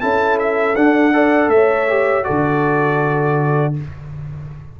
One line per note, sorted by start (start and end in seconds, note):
0.00 0.76 C#4
0.00 0.75 E4
0.00 1.14 A4
0.00 0.38 A5
0.38 0.75 E5
0.75 1.48 D4
0.75 1.13 D4
0.75 1.49 F#5
1.13 1.88 A4
1.13 1.51 D5
1.48 2.23 A3
1.48 2.26 C#5
1.48 2.24 E5
1.88 2.23 G4
2.23 3.73 F#4
2.23 3.76 A4
2.23 3.74 D5
2.30 3.80 D3